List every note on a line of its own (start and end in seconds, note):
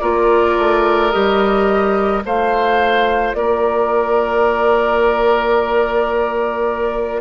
0.00 0.58 A#3
0.00 1.12 F4
0.00 2.23 A#4
0.00 1.11 D5
0.58 1.14 A3
1.11 2.25 G3
1.11 2.23 G4
1.11 2.22 D#5
2.23 3.34 A3
2.23 7.21 F4
2.23 3.37 C5
2.23 3.34 F5
3.34 7.21 A#3
3.34 7.21 A#4
3.34 7.21 D5